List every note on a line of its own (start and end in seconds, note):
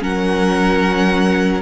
0.00 1.62 F#3
0.00 1.62 C#4
0.00 1.62 A#4
0.00 1.62 F#5